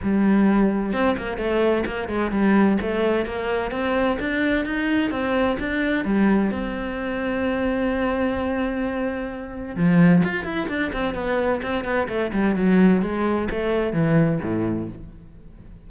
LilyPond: \new Staff \with { instrumentName = "cello" } { \time 4/4 \tempo 4 = 129 g2 c'8 ais8 a4 | ais8 gis8 g4 a4 ais4 | c'4 d'4 dis'4 c'4 | d'4 g4 c'2~ |
c'1~ | c'4 f4 f'8 e'8 d'8 c'8 | b4 c'8 b8 a8 g8 fis4 | gis4 a4 e4 a,4 | }